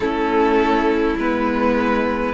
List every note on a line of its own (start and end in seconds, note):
0.00 1.15 A3
0.00 1.18 C#4
0.00 2.33 E4
0.00 1.16 A4
1.17 2.33 G#3
1.17 2.33 B3
1.17 2.33 B4